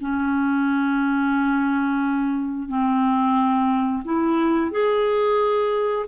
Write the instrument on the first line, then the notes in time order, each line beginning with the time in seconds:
clarinet
0.00 C#4
2.68 C4
4.04 E4
4.71 G#4